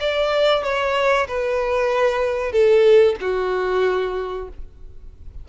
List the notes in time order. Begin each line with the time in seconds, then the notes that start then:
0.00 D5
0.64 C#5
1.28 B4
2.52 A4
3.21 F#4